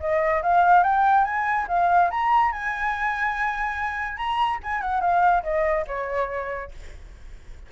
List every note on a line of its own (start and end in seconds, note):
0.00 0.42 D#5
0.42 0.83 F5
0.83 1.24 G5
1.24 1.66 G#5
1.68 2.10 F5
2.11 2.52 A#5
2.52 4.17 G#5
4.17 4.59 A#5
4.63 4.81 G#5
4.81 5.01 F#5
5.01 5.43 F5
5.43 5.85 D#5
5.87 6.71 C#5